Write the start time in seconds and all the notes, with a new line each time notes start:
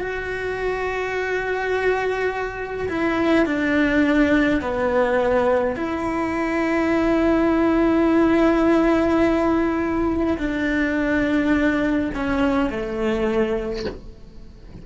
0.00 F#4
2.88 E4
3.46 D4
4.61 B3
5.76 E4
10.38 D4
12.14 C#4
12.70 A3